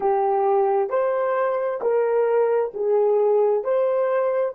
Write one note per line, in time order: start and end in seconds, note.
0.00 0.89 G4
0.89 1.80 C5
1.81 2.72 A#4
2.74 3.64 G#4
3.64 4.55 C5